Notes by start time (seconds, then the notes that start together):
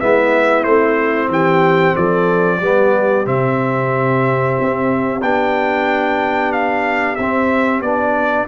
0.00 G#3 B3 E4 E5
0.64 A3 C4 C5
1.29 E3 G4 G5
1.96 F3 A4 D5
2.59 G3 B3 G4
3.25 C3 C4 E5
4.61 C4
5.22 B3 D4 G5
6.52 F5
7.16 C4 E5
7.81 B3 D4 D5